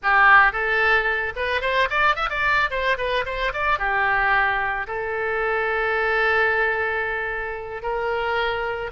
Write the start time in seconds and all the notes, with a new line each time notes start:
0.02 G4
0.52 A4
1.36 B4
1.61 C5
1.89 D5
2.15 E5
2.29 D5
2.70 C5
2.97 B4
3.25 C5
3.53 D5
3.78 G4
4.87 A4
7.82 A#4